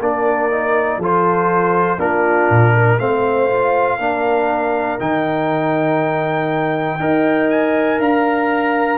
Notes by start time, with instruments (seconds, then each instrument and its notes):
0.00 tuba A#3, trombone D4, horn A#4, trumpet D5
0.51 trombone D#4
0.98 tuba F3, trombone F4, horn A4
1.04 trumpet C5
1.98 tuba A#3, trombone D4, horn F4, trumpet A#4
2.50 tuba A#2
2.74 horn A#4
2.99 tuba A3, trombone C4, horn C5, trumpet F5
3.50 trombone F4
3.98 tuba A#3, trombone D4, horn A#4
4.99 tuba D#3, trombone D#4, trumpet G5
7.00 tuba D#4, trombone A#4, horn D#5
7.50 trumpet G#5
7.99 tuba D4, horn F5, trumpet A#5